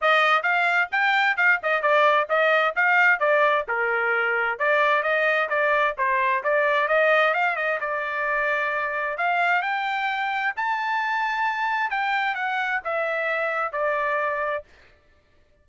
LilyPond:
\new Staff \with { instrumentName = "trumpet" } { \time 4/4 \tempo 4 = 131 dis''4 f''4 g''4 f''8 dis''8 | d''4 dis''4 f''4 d''4 | ais'2 d''4 dis''4 | d''4 c''4 d''4 dis''4 |
f''8 dis''8 d''2. | f''4 g''2 a''4~ | a''2 g''4 fis''4 | e''2 d''2 | }